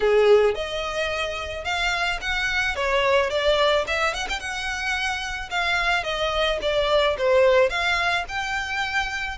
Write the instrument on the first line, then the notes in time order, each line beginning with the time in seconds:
violin
0.00 G#4
0.55 D#5
1.64 F5
2.21 F#5
2.75 C#5
3.30 D5
3.87 E5
4.14 F#5
4.29 G5
4.39 F#5
5.50 F5
6.03 D#5
6.61 D5
7.18 C5
7.69 F5
8.28 G5